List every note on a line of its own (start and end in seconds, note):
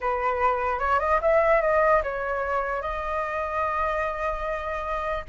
0.00 0.79 B4
0.79 0.99 C#5
0.99 1.20 D#5
1.21 1.61 E5
1.61 2.02 D#5
2.03 2.81 C#5
2.81 5.25 D#5